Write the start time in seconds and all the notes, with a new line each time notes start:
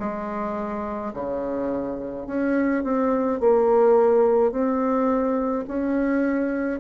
0.00 G#3
1.14 C#3
2.27 C#4
2.84 C4
3.40 A#3
4.52 C4
5.68 C#4